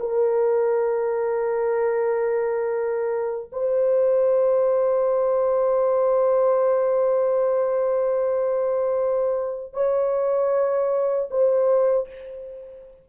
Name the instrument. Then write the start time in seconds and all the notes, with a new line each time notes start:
horn
0.00 A#4
3.52 C5
9.73 C#5
11.31 C5